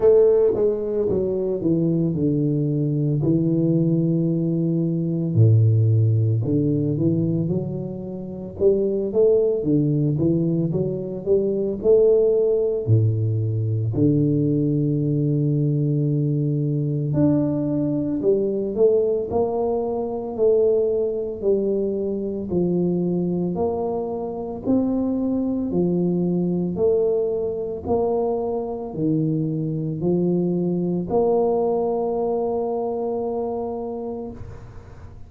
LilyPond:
\new Staff \with { instrumentName = "tuba" } { \time 4/4 \tempo 4 = 56 a8 gis8 fis8 e8 d4 e4~ | e4 a,4 d8 e8 fis4 | g8 a8 d8 e8 fis8 g8 a4 | a,4 d2. |
d'4 g8 a8 ais4 a4 | g4 f4 ais4 c'4 | f4 a4 ais4 dis4 | f4 ais2. | }